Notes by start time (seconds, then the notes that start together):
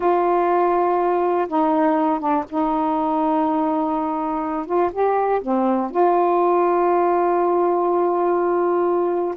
0.00 F4
1.48 D#4
2.19 D4
2.49 D#4
4.66 F4
4.92 G4
5.41 C4
5.90 F4